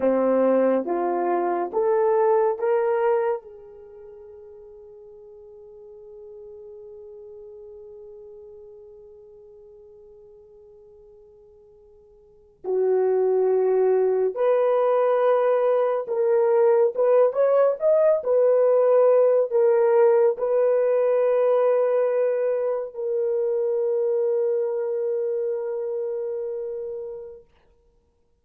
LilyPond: \new Staff \with { instrumentName = "horn" } { \time 4/4 \tempo 4 = 70 c'4 f'4 a'4 ais'4 | gis'1~ | gis'1~ | gis'2~ gis'8. fis'4~ fis'16~ |
fis'8. b'2 ais'4 b'16~ | b'16 cis''8 dis''8 b'4. ais'4 b'16~ | b'2~ b'8. ais'4~ ais'16~ | ais'1 | }